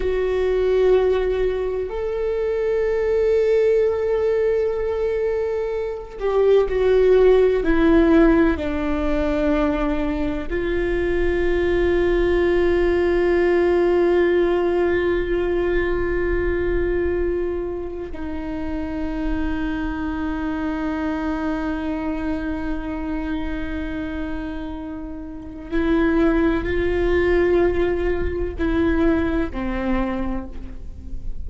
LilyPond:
\new Staff \with { instrumentName = "viola" } { \time 4/4 \tempo 4 = 63 fis'2 a'2~ | a'2~ a'8 g'8 fis'4 | e'4 d'2 f'4~ | f'1~ |
f'2. dis'4~ | dis'1~ | dis'2. e'4 | f'2 e'4 c'4 | }